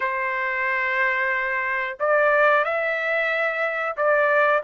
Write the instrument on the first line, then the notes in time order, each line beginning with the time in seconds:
trumpet
0.00 C5
1.99 D5
2.64 E5
3.96 D5